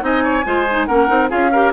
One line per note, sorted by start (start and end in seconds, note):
0.00 0.43 C4
0.00 0.42 D#4
0.00 0.23 D#5
0.00 0.85 G#5
0.23 0.44 C#5
0.45 0.88 G#3
0.45 0.66 F4
0.45 0.87 C5
0.71 0.88 D#4
0.85 1.09 A#3
0.85 1.07 C#4
0.85 1.29 A#4
0.85 1.27 F#5
1.07 1.30 C4
1.07 1.28 D#4
1.29 1.72 C#4
1.29 1.50 F4
1.29 1.50 G#4
1.29 1.72 F5
1.51 1.72 G4
1.51 1.72 A#4